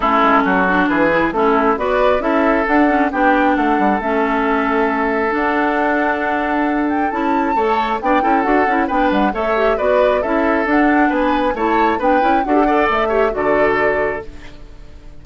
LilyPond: <<
  \new Staff \with { instrumentName = "flute" } { \time 4/4 \tempo 4 = 135 a'2 b'4 a'4 | d''4 e''4 fis''4 g''4 | fis''4 e''2. | fis''2.~ fis''8 g''8 |
a''2 g''4 fis''4 | g''8 fis''8 e''4 d''4 e''4 | fis''4 gis''4 a''4 g''4 | fis''4 e''4 d''2 | }
  \new Staff \with { instrumentName = "oboe" } { \time 4/4 e'4 fis'4 gis'4 e'4 | b'4 a'2 g'4 | a'1~ | a'1~ |
a'4 cis''4 d''8 a'4. | b'4 cis''4 b'4 a'4~ | a'4 b'4 cis''4 b'4 | a'8 d''4 cis''8 a'2 | }
  \new Staff \with { instrumentName = "clarinet" } { \time 4/4 cis'4. d'4 e'8 cis'4 | fis'4 e'4 d'8 cis'8 d'4~ | d'4 cis'2. | d'1 |
e'4 a'4 d'8 e'8 fis'8 e'8 | d'4 a'8 g'8 fis'4 e'4 | d'2 e'4 d'8 e'8 | fis'16 g'16 a'4 g'8 fis'2 | }
  \new Staff \with { instrumentName = "bassoon" } { \time 4/4 a8 gis8 fis4 e4 a4 | b4 cis'4 d'4 b4 | a8 g8 a2. | d'1 |
cis'4 a4 b8 cis'8 d'8 cis'8 | b8 g8 a4 b4 cis'4 | d'4 b4 a4 b8 cis'8 | d'4 a4 d2 | }
>>